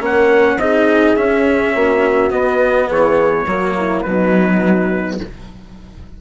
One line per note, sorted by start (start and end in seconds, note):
0.00 0.57 A#3
0.00 0.58 C#4
0.00 0.60 A#4
0.00 0.59 F#5
0.57 1.15 C4
0.57 1.16 D#4
0.57 1.75 G#4
0.57 1.16 D#5
1.16 2.30 C#4
1.16 1.75 C#4
1.16 2.31 E5
1.75 2.31 A#3
1.75 2.88 F#4
2.30 3.45 B3
2.30 2.89 B3
2.30 2.89 D#5
2.88 3.46 E3
2.88 3.46 G#4
2.88 4.02 C#5
3.46 4.04 F#3
3.46 4.05 A#3
3.46 3.76 F#4
3.77 4.06 E4
4.02 5.21 B2
4.02 5.20 F#3
4.02 5.21 D#4
4.02 5.17 B4